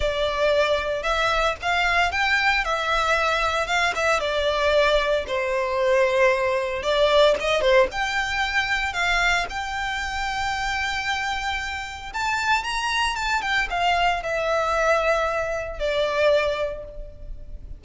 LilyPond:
\new Staff \with { instrumentName = "violin" } { \time 4/4 \tempo 4 = 114 d''2 e''4 f''4 | g''4 e''2 f''8 e''8 | d''2 c''2~ | c''4 d''4 dis''8 c''8 g''4~ |
g''4 f''4 g''2~ | g''2. a''4 | ais''4 a''8 g''8 f''4 e''4~ | e''2 d''2 | }